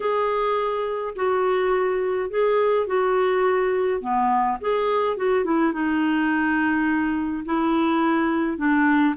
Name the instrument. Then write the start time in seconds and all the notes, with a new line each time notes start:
clarinet
0.00 G#4
1.15 F#4
2.29 G#4
2.86 F#4
4.00 B3
4.60 G#4
5.16 F#4
5.44 E4
5.72 D#4
7.45 E4
8.57 D4